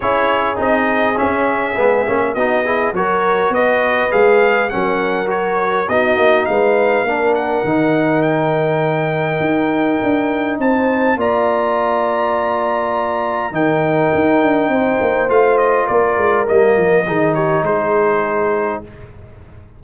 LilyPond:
<<
  \new Staff \with { instrumentName = "trumpet" } { \time 4/4 \tempo 4 = 102 cis''4 dis''4 e''2 | dis''4 cis''4 dis''4 f''4 | fis''4 cis''4 dis''4 f''4~ | f''8 fis''4. g''2~ |
g''2 a''4 ais''4~ | ais''2. g''4~ | g''2 f''8 dis''8 d''4 | dis''4. cis''8 c''2 | }
  \new Staff \with { instrumentName = "horn" } { \time 4/4 gis'1 | fis'8 gis'8 ais'4 b'2 | ais'2 fis'4 b'4 | ais'1~ |
ais'2 c''4 d''4~ | d''2. ais'4~ | ais'4 c''2 ais'4~ | ais'4 gis'8 g'8 gis'2 | }
  \new Staff \with { instrumentName = "trombone" } { \time 4/4 e'4 dis'4 cis'4 b8 cis'8 | dis'8 e'8 fis'2 gis'4 | cis'4 fis'4 dis'2 | d'4 dis'2.~ |
dis'2. f'4~ | f'2. dis'4~ | dis'2 f'2 | ais4 dis'2. | }
  \new Staff \with { instrumentName = "tuba" } { \time 4/4 cis'4 c'4 cis'4 gis8 ais8 | b4 fis4 b4 gis4 | fis2 b8 ais8 gis4 | ais4 dis2. |
dis'4 d'4 c'4 ais4~ | ais2. dis4 | dis'8 d'8 c'8 ais8 a4 ais8 gis8 | g8 f8 dis4 gis2 | }
>>